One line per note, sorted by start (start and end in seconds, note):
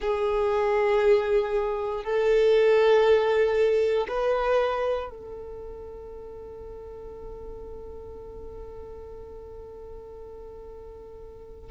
0.00 2.03 G#4
2.03 4.07 A4
4.08 5.09 B4
5.09 11.70 A4